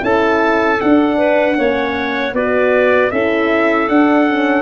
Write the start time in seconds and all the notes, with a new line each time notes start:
0.00 C#4 E4 A4 A5
0.80 D4 F#5
1.17 B4
1.55 A#3 C#4 C#5
2.33 B3 F#4 B4 D5
3.11 C#4 E4 A4 E5
3.89 D4 F#5
4.28 C#4